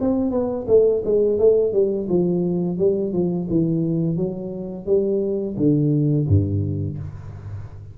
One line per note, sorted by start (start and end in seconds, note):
0.00 0.31 C4
0.31 0.66 B3
0.68 1.02 A3
1.05 1.39 G#3
1.39 1.73 A3
1.73 2.07 G3
2.08 2.78 F3
2.78 3.13 G3
3.13 3.48 F3
3.49 4.16 E3
4.16 4.86 F#3
4.86 5.56 G3
5.57 6.26 D3
6.28 6.98 G2